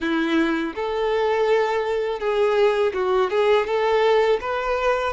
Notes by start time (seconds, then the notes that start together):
0.00 E4
0.75 A4
2.20 G#4
2.93 F#4
3.30 G#4
3.66 A4
4.40 B4